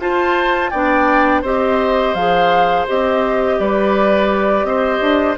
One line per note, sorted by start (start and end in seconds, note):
0.00 0.71 F4
0.00 0.72 F4
0.00 0.71 C5
0.00 0.70 A5
0.70 1.43 B3
0.70 1.45 D4
0.70 1.42 D5
0.70 1.42 G5
1.42 2.14 C4
1.42 2.16 G4
1.42 3.56 C5
1.42 2.14 D#5
2.14 2.86 F3
2.14 2.88 G#4
2.14 2.86 F5
2.88 3.60 C4
2.88 5.38 G4
2.88 3.60 D#5
3.60 4.64 G3
3.60 4.67 B4
3.60 4.65 D5
4.64 4.99 C4
4.64 5.38 C5
4.64 5.36 D#5
5.01 5.37 D4